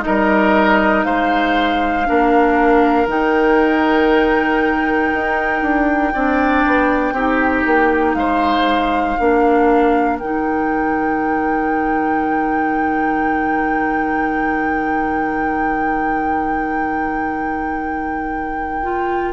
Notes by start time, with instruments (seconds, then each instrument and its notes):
0.00 clarinet D#4, oboe A#4, flute D#5
0.07 bassoon G3
1.04 bassoon G#3, oboe C5, flute F5
2.05 bassoon A#3, clarinet D4, oboe A#4
3.07 bassoon D#3, clarinet D#4, flute G5
5.14 bassoon D#4
5.62 bassoon D4
6.13 bassoon C4, clarinet D4, oboe D5
6.66 bassoon B3
7.12 bassoon C4, clarinet D#4, oboe G4
7.66 bassoon A#3
8.14 bassoon G#3, oboe C5, flute F5
9.18 bassoon A#3, clarinet D4, oboe A#4
10.19 bassoon D#3, clarinet D#4, flute G5
18.83 clarinet F4